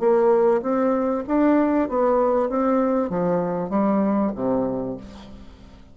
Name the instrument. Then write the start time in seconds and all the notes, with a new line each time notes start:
bassoon
0.00 A#3
0.63 C4
1.28 D4
1.90 B3
2.50 C4
3.10 F3
3.70 G3
4.36 C3